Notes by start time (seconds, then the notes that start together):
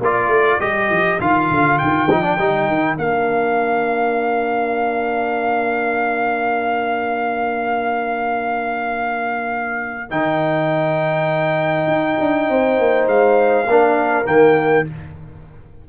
0.00 A#3 F4 A#4 D5
0.28 A3
0.60 G3 G4 D#5
0.90 F3
1.20 D#3 F4 F5
1.51 D3
1.79 D#3 G5
2.11 F3 D#4
2.23 D4
2.39 G3 D#4
2.68 D#3
2.97 A#3 D4 F5
10.11 D#3 D#4 G5
11.87 D#4
12.20 D4
12.50 C4 C5
12.79 A#3
13.08 G#3 F5
13.67 A#3 D4 A#4
14.25 D#3 A#3 G5